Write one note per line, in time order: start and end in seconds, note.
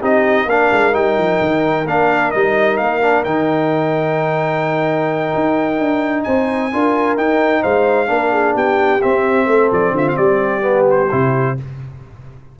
0.00 0.45 C4
0.00 0.47 D#4
0.00 0.46 G4
0.00 0.49 D#5
0.45 0.68 A#3
0.45 0.92 D4
0.45 6.26 A#4
0.45 0.94 F5
0.71 0.94 G#3
0.92 1.17 G3
0.92 1.85 D#4
0.92 1.87 G5
1.17 1.40 F3
1.40 1.85 D#3
1.85 2.31 A#3
1.85 2.34 D4
1.85 2.30 F5
2.30 2.79 G3
2.30 3.02 D#4
2.30 2.77 D#5
2.77 3.25 A#3
2.77 3.23 F5
3.02 3.25 D4
3.24 5.33 D#3
3.24 6.71 D#4
3.24 6.23 G5
5.35 5.78 D#4
5.78 6.25 D4
6.23 6.73 C4
6.23 6.72 C5
6.23 7.15 G#5
6.72 7.17 D4
6.72 7.17 F4
6.72 7.62 A#4
7.17 7.63 D#4
7.17 8.06 D#4
7.17 7.63 G5
7.62 8.09 G#3
7.62 8.08 C5
7.62 8.55 F5
8.06 8.55 A#3
8.06 8.99 D4
8.06 8.32 A#4
8.32 8.54 G#4
8.54 9.01 B3
8.54 9.46 G4
8.54 9.01 G5
9.01 10.61 C4
9.01 9.46 C4
9.01 9.70 E5
9.46 9.69 A3
9.46 9.94 A4
9.71 9.91 F3
9.71 9.95 D5
9.91 10.14 D3
9.91 10.17 F4
9.91 10.08 E5
10.08 10.16 F5
10.16 11.10 G3
10.16 11.55 G4
10.16 10.85 D5
10.61 11.07 B3
10.90 11.59 C5
11.11 11.58 C3
11.11 11.57 E4